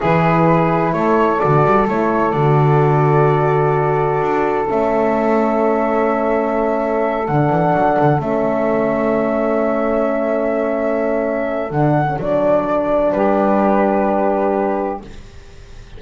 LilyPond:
<<
  \new Staff \with { instrumentName = "flute" } { \time 4/4 \tempo 4 = 128 b'2 cis''4 d''4 | cis''4 d''2.~ | d''2 e''2~ | e''2.~ e''8 fis''8~ |
fis''4. e''2~ e''8~ | e''1~ | e''4 fis''4 d''2 | b'1 | }
  \new Staff \with { instrumentName = "saxophone" } { \time 4/4 gis'2 a'2~ | a'1~ | a'1~ | a'1~ |
a'1~ | a'1~ | a'1 | g'1 | }
  \new Staff \with { instrumentName = "horn" } { \time 4/4 e'2. fis'4 | e'4 fis'2.~ | fis'2 cis'2~ | cis'2.~ cis'8 d'8~ |
d'4. cis'2~ cis'8~ | cis'1~ | cis'4 d'8. cis'16 d'2~ | d'1 | }
  \new Staff \with { instrumentName = "double bass" } { \time 4/4 e2 a4 d8 g8 | a4 d2.~ | d4 d'4 a2~ | a2.~ a8 d8 |
e8 fis8 d8 a2~ a8~ | a1~ | a4 d4 fis2 | g1 | }
>>